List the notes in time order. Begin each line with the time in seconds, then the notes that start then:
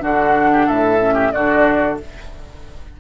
0.00 D3 D4 F#4 F#5
0.53 G4
0.66 A2 A4 E5
0.99 C#4
1.14 G4
1.32 D3 D4 F#4 D5